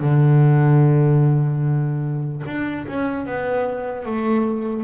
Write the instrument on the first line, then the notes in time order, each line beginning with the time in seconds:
double bass
0.00 D3
2.46 D4
2.87 C#4
3.25 B3
4.05 A3